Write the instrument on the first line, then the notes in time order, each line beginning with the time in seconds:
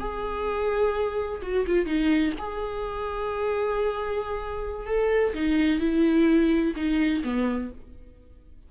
viola
0.00 G#4
1.43 F#4
1.67 F4
1.86 D#4
2.39 G#4
4.87 A4
5.35 D#4
5.80 E4
6.76 D#4
7.24 B3